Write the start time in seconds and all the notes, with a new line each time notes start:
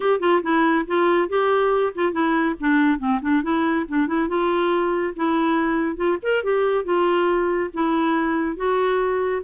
0.00 G4
0.20 F4
0.42 E4
0.87 F4
1.29 G4
1.94 F4
2.12 E4
2.59 D4
2.98 C4
3.21 D4
3.43 E4
3.88 D4
4.07 E4
4.28 F4
5.16 E4
5.96 F4
6.22 A#4
6.43 G4
6.84 F4
7.73 E4
8.56 F#4